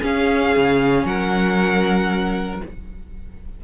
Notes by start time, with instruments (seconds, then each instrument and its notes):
0.00 viola C#4, cello C#4, violin G#4 F5
0.56 cello C#3
1.04 cello F#3, violin A#4 F#5